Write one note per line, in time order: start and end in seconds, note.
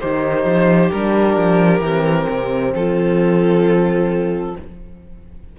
0.00 0.45 D#3
0.00 0.91 D#4
0.00 2.73 G4
0.00 0.91 C5
0.45 0.90 F3
0.91 1.37 G3
0.91 1.82 D4
0.91 2.73 A#4
1.37 1.80 F3
1.80 2.26 E3
1.80 4.57 C4
2.30 2.74 C3
2.74 4.56 F3
2.74 4.59 F4
2.74 4.57 A4